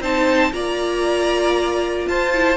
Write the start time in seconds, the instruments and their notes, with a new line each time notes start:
0.00 cello C4, viola D#4, violin C5 A5
0.51 cello A#3, viola F4, violin D5 A#5
2.06 cello F4, violin C5 A5
2.32 viola E4